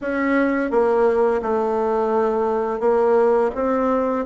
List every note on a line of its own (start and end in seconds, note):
0.01 0.70 C#4
0.70 1.41 A#3
1.42 2.79 A3
2.79 3.50 A#3
3.55 4.25 C4